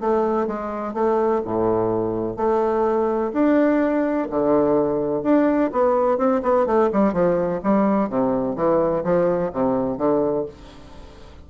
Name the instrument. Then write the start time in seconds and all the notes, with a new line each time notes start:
bassoon
0.00 A3
0.47 G#3
0.94 A3
1.44 A2
2.36 A3
3.33 D4
4.30 D3
5.23 D4
5.72 B3
6.17 C4
6.42 B3
6.66 A3
6.92 G3
7.13 F3
7.63 G3
8.09 C3
8.55 E3
9.04 F3
9.53 C3
9.98 D3